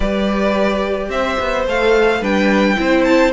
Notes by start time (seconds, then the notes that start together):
0.00 G3 G4 B4 D5
1.09 C4 C5 E5
1.40 B3
1.66 A3 A4 F5
2.20 G3 D4 B4 G5
2.76 C4 E4 C5
3.04 A5